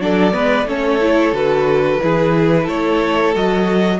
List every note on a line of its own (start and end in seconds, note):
0.00 0.33 F#3
0.00 0.32 D4
0.00 0.34 A4
0.00 0.69 D5
0.32 0.65 G#3
0.32 0.65 B3
0.32 0.67 B4
0.65 1.31 A3
0.65 1.00 C#4
0.65 2.02 A4
0.65 1.35 C#5
1.00 1.33 E4
1.32 1.98 D3
1.32 2.00 F#4
1.32 2.68 B4
2.01 2.68 E3
2.01 3.34 E4
2.01 2.63 G#4
2.63 3.35 A3
2.63 3.97 A4
2.63 3.35 C#5
3.34 4.00 F#3
3.34 4.00 F#4
3.34 4.00 D#5